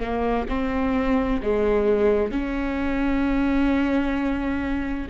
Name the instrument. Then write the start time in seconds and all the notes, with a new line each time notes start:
viola
0.00 A#3
0.49 C4
1.43 G#3
2.32 C#4